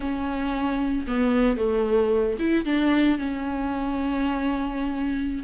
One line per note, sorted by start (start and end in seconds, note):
0.00 1.06 C#4
1.07 1.57 B3
1.57 2.37 A3
2.39 2.65 E4
2.65 3.18 D4
3.18 5.43 C#4